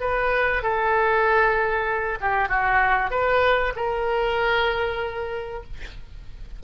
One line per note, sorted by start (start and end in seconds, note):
0.00 0.62 B4
0.62 2.18 A4
2.20 2.48 G4
2.48 3.11 F#4
3.11 3.73 B4
3.75 5.63 A#4